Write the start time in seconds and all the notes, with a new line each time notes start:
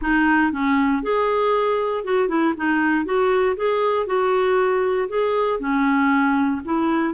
0.01 D#4
0.52 C#4
1.02 G#4
2.04 F#4
2.28 E4
2.56 D#4
3.05 F#4
3.56 G#4
4.06 F#4
5.08 G#4
5.59 C#4
6.64 E4